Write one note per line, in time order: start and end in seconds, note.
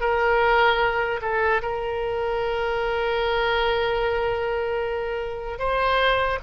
0.00 1.20 A#4
1.21 1.61 A4
1.61 5.58 A#4
5.58 6.38 C5